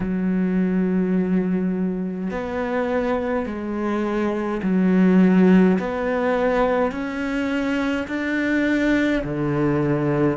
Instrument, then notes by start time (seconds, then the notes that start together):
cello
0.00 F#3
2.30 B3
3.46 G#3
4.63 F#3
5.79 B3
6.91 C#4
8.07 D4
9.23 D3